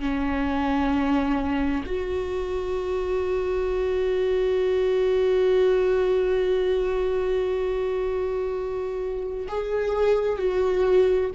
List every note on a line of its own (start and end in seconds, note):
0.00 1.85 C#4
1.86 9.47 F#4
9.48 10.38 G#4
10.38 11.31 F#4